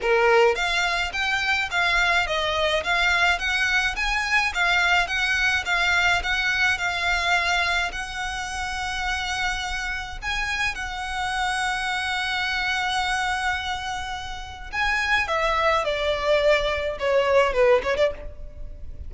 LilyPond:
\new Staff \with { instrumentName = "violin" } { \time 4/4 \tempo 4 = 106 ais'4 f''4 g''4 f''4 | dis''4 f''4 fis''4 gis''4 | f''4 fis''4 f''4 fis''4 | f''2 fis''2~ |
fis''2 gis''4 fis''4~ | fis''1~ | fis''2 gis''4 e''4 | d''2 cis''4 b'8 cis''16 d''16 | }